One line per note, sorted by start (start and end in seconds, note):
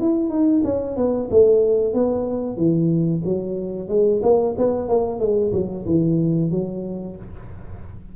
0.00 0.30 E4
0.30 0.62 D#4
0.64 0.97 C#4
0.97 1.29 B3
1.30 1.94 A3
1.94 2.57 B3
2.57 3.23 E3
3.25 3.89 F#3
3.89 4.21 G#3
4.23 4.55 A#3
4.58 4.89 B3
4.89 5.20 A#3
5.20 5.52 G#3
5.53 5.85 F#3
5.86 6.51 E3
6.51 7.17 F#3